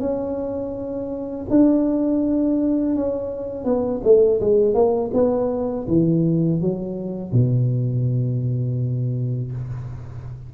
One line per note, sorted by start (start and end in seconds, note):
0.00 1.46 C#4
1.50 2.96 D4
2.96 3.65 C#4
3.65 4.01 B3
4.04 4.40 A3
4.41 4.74 G#3
4.74 5.11 A#3
5.14 5.87 B3
5.88 6.61 E3
6.61 7.32 F#3
7.32 9.52 B2